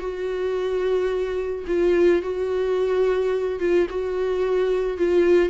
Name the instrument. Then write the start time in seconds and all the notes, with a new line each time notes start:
viola
0.00 F#4
1.68 F4
2.23 F#4
3.60 F4
3.90 F#4
4.98 F4